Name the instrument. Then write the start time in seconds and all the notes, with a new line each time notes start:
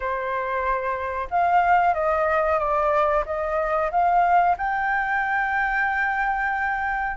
flute
0.00 C5
1.30 F5
1.94 D#5
2.58 D5
3.25 D#5
3.91 F5
4.57 G5